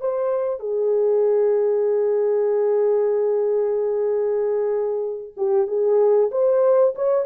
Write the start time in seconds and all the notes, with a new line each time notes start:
0.00 C5
0.59 G#4
5.37 G4
5.67 G#4
6.31 C5
6.95 C#5